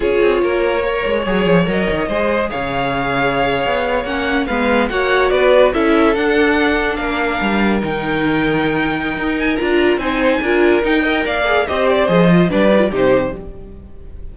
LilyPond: <<
  \new Staff \with { instrumentName = "violin" } { \time 4/4 \tempo 4 = 144 cis''1 | dis''2 f''2~ | f''4.~ f''16 fis''4 f''4 fis''16~ | fis''8. d''4 e''4 fis''4~ fis''16~ |
fis''8. f''2 g''4~ g''16~ | g''2~ g''8 gis''8 ais''4 | gis''2 g''4 f''4 | dis''8 d''8 dis''4 d''4 c''4 | }
  \new Staff \with { instrumentName = "violin" } { \time 4/4 gis'4 ais'4 cis''2~ | cis''4 c''4 cis''2~ | cis''2~ cis''8. b'4 cis''16~ | cis''8. b'4 a'2~ a'16~ |
a'8. ais'2.~ ais'16~ | ais'1 | c''4 ais'4. dis''8 d''4 | c''2 b'4 g'4 | }
  \new Staff \with { instrumentName = "viola" } { \time 4/4 f'2 ais'4 gis'4 | ais'4 gis'2.~ | gis'4.~ gis'16 cis'4 b4 fis'16~ | fis'4.~ fis'16 e'4 d'4~ d'16~ |
d'2~ d'8. dis'4~ dis'16~ | dis'2. f'4 | dis'4 f'4 dis'8 ais'4 gis'8 | g'4 gis'8 f'8 d'8 dis'16 f'16 dis'4 | }
  \new Staff \with { instrumentName = "cello" } { \time 4/4 cis'8 c'8 ais4. gis8 fis8 f8 | fis8 dis8 gis4 cis2~ | cis8. b4 ais4 gis4 ais16~ | ais8. b4 cis'4 d'4~ d'16~ |
d'8. ais4 g4 dis4~ dis16~ | dis2 dis'4 d'4 | c'4 d'4 dis'4 ais4 | c'4 f4 g4 c4 | }
>>